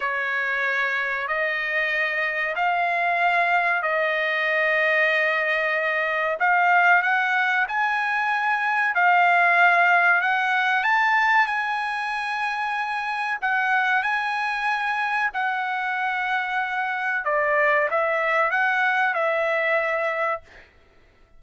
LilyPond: \new Staff \with { instrumentName = "trumpet" } { \time 4/4 \tempo 4 = 94 cis''2 dis''2 | f''2 dis''2~ | dis''2 f''4 fis''4 | gis''2 f''2 |
fis''4 a''4 gis''2~ | gis''4 fis''4 gis''2 | fis''2. d''4 | e''4 fis''4 e''2 | }